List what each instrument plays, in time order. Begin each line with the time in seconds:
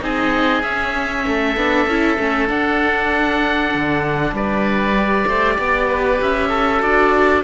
0.00 cello C4, viola D#4, oboe G#4 D#5
0.63 cello C#4, viola C#4, oboe E5
1.27 cello A3, oboe A4
1.57 cello B3, viola D4
1.86 cello C#4, viola E4
2.19 cello A3, viola C#4
2.48 viola D4, cello D4, oboe F#5
3.74 cello D3
4.32 cello G3, oboe B4 D5
4.96 viola G4
5.27 cello A3, oboe C5
5.55 cello B3, oboe D5
5.88 oboe B4
6.22 cello C#4, oboe E5
6.49 oboe A4
6.80 cello D4, viola F#4, oboe D5